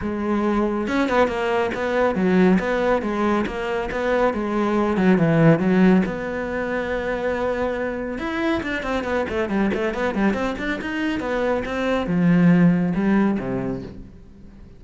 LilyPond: \new Staff \with { instrumentName = "cello" } { \time 4/4 \tempo 4 = 139 gis2 cis'8 b8 ais4 | b4 fis4 b4 gis4 | ais4 b4 gis4. fis8 | e4 fis4 b2~ |
b2. e'4 | d'8 c'8 b8 a8 g8 a8 b8 g8 | c'8 d'8 dis'4 b4 c'4 | f2 g4 c4 | }